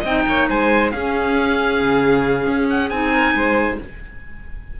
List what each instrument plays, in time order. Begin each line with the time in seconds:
0.00 cello C4, clarinet D#4, violin D#5, oboe G5
0.27 cello A#3, violin C#5
0.49 cello G#3, violin C5, oboe G#5
0.91 cello C#4, clarinet C#4, violin G#4, oboe F5
1.82 cello C#3
2.47 cello C#4
2.70 oboe F#5
2.90 cello C4, clarinet D#4, oboe G#5
3.12 violin A#4
3.34 cello G#3, violin C5